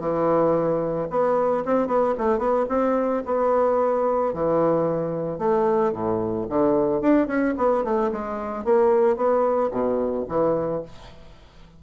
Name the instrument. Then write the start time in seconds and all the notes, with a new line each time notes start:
bassoon
0.00 E3
1.10 B3
1.65 C4
1.87 B3
2.18 A3
2.39 B3
2.69 C4
3.26 B3
4.34 E3
5.39 A3
5.92 A2
6.49 D3
7.01 D4
7.28 C#4
7.57 B3
7.84 A3
8.12 G#3
8.65 A#3
9.17 B3
9.71 B2
10.29 E3